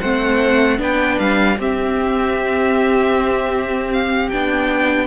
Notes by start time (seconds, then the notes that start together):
0.00 A3 C4 C5 F#5
0.77 B3 D4 B4 G5
1.18 G3 F5
1.58 C4 G4 E5
3.92 F5
4.29 B3 D4 G5